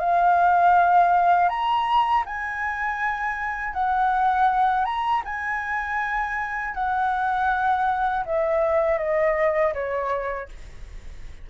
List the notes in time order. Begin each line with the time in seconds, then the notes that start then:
0.00 F5
1.49 A#5
2.26 G#5
3.74 F#5
4.85 A#5
5.25 G#5
6.75 F#5
8.26 E5
8.99 D#5
9.74 C#5